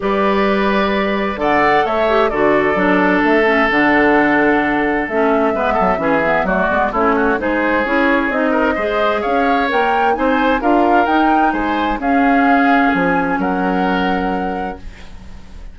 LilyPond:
<<
  \new Staff \with { instrumentName = "flute" } { \time 4/4 \tempo 4 = 130 d''2. fis''4 | e''4 d''2 e''4 | fis''2. e''4~ | e''2 d''4 cis''4 |
c''4 cis''4 dis''2 | f''4 g''4 gis''4 f''4 | g''4 gis''4 f''2 | gis''4 fis''2. | }
  \new Staff \with { instrumentName = "oboe" } { \time 4/4 b'2. d''4 | cis''4 a'2.~ | a'1 | b'8 a'8 gis'4 fis'4 e'8 fis'8 |
gis'2~ gis'8 ais'8 c''4 | cis''2 c''4 ais'4~ | ais'4 c''4 gis'2~ | gis'4 ais'2. | }
  \new Staff \with { instrumentName = "clarinet" } { \time 4/4 g'2. a'4~ | a'8 g'8 fis'4 d'4. cis'8 | d'2. cis'4 | b4 cis'8 b8 a8 b8 cis'4 |
dis'4 e'4 dis'4 gis'4~ | gis'4 ais'4 dis'4 f'4 | dis'2 cis'2~ | cis'1 | }
  \new Staff \with { instrumentName = "bassoon" } { \time 4/4 g2. d4 | a4 d4 fis4 a4 | d2. a4 | gis8 fis8 e4 fis8 gis8 a4 |
gis4 cis'4 c'4 gis4 | cis'4 ais4 c'4 d'4 | dis'4 gis4 cis'2 | f4 fis2. | }
>>